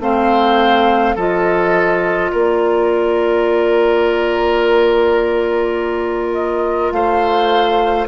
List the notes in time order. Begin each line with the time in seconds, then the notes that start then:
0.00 A3 C4 C5 F5
1.16 F3 F4 A4 D#5
2.32 A#3 A#4 D5
6.34 D#5
6.92 A3 C5 F5